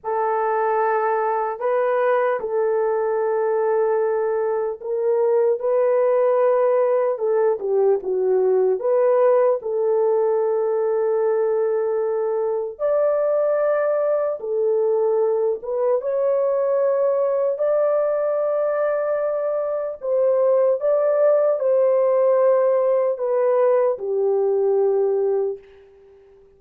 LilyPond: \new Staff \with { instrumentName = "horn" } { \time 4/4 \tempo 4 = 75 a'2 b'4 a'4~ | a'2 ais'4 b'4~ | b'4 a'8 g'8 fis'4 b'4 | a'1 |
d''2 a'4. b'8 | cis''2 d''2~ | d''4 c''4 d''4 c''4~ | c''4 b'4 g'2 | }